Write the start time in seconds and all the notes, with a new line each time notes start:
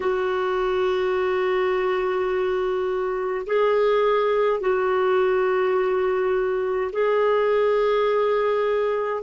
0.00 F#4
3.46 G#4
4.60 F#4
6.92 G#4